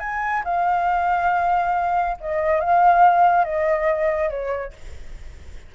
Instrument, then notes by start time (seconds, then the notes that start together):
flute
0.00 G#5
0.45 F5
2.21 D#5
2.61 F5
3.45 D#5
4.30 C#5